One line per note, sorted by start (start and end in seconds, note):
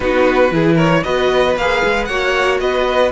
0.00 0.51 B3
0.00 0.49 D#4
0.00 0.53 F#4
0.00 0.76 B4
0.51 1.03 E3
0.51 1.03 E4
0.51 0.74 G#4
0.74 1.01 A#4
0.74 1.03 C#5
1.03 1.55 B3
1.03 1.56 F#4
1.03 2.08 B4
1.03 1.55 D#5
1.55 1.82 A#3
1.55 2.09 G#4
1.55 2.05 F5
1.84 2.08 G#3
2.05 2.60 A#3
2.05 3.11 F#4
2.05 2.60 C#5
2.05 2.57 F#5
2.60 3.11 B3
2.60 3.11 B4
2.60 3.11 D#5